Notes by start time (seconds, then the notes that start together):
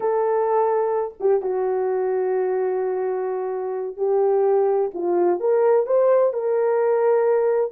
0.00 A4
1.20 G4
1.41 F#4
3.97 G4
4.93 F4
5.40 A#4
5.86 C5
6.33 A#4